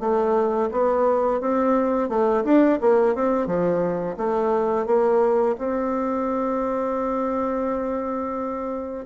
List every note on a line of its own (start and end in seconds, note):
0.00 0.70 A3
0.71 1.41 B3
1.41 2.09 C4
2.09 2.44 A3
2.44 2.79 D4
2.81 3.15 A#3
3.15 3.47 C4
3.47 4.17 F3
4.17 4.86 A3
4.86 5.56 A#3
5.58 9.06 C4